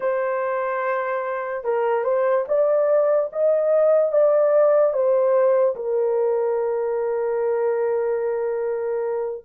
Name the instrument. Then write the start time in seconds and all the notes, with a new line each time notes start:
horn
0.00 C5
1.64 A#4
2.04 C5
2.47 D5
3.32 D#5
4.11 D5
4.93 C5
5.75 A#4